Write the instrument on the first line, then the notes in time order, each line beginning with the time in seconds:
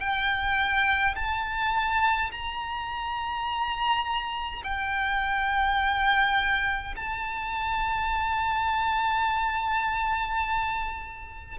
violin
0.00 G5
1.15 A5
2.32 A#5
4.64 G5
6.97 A5